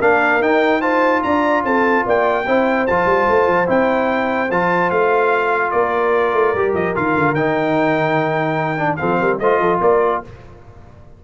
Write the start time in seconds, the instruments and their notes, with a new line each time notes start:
0.00 tuba A#3, trombone D4, horn A#4, trumpet F5
0.40 tuba D#4, trombone D#4, trumpet G5
0.81 trombone F4, horn C5, trumpet A5
1.23 tuba D4, horn D5, trumpet A#5
1.64 tuba C4, horn A4, trumpet A5
2.05 tuba A#3, horn D5, trumpet G5
2.46 tuba C4, trombone E4, horn C5
2.87 tuba F3, trombone F4, trumpet A5
3.06 tuba G3
3.29 tuba A3
3.47 tuba F3
3.66 tuba C4, trombone E4, trumpet G5
4.50 tuba F3, trombone F4, trumpet A5
4.90 tuba A3, trumpet F5
5.71 tuba A#3, horn A#4, trumpet D5
6.33 tuba A3
6.54 tuba G3, trombone G4
6.73 tuba F3, trumpet D#5
6.95 tuba D#3, trombone F4, trumpet F5
7.14 tuba D3
7.33 tuba D#3, trombone D#4, trumpet G5
8.77 trombone D4
8.96 tuba F3, trombone C4, horn A4, trumpet F5
9.20 tuba G3, horn A#4
9.39 tuba A3, trombone F4, horn C5, trumpet D#5
9.59 tuba F3, horn A4
9.80 tuba A#3, horn A#4, trumpet D5